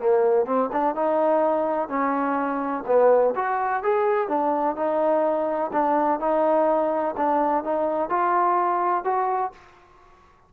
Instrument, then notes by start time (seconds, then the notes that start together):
trombone
0.00 A#3
0.47 C4
0.73 D4
0.95 D#4
1.89 C#4
2.87 B3
3.36 F#4
3.84 G#4
4.29 D4
4.76 D#4
5.73 D4
6.20 D#4
7.18 D4
7.64 D#4
8.10 F4
9.05 F#4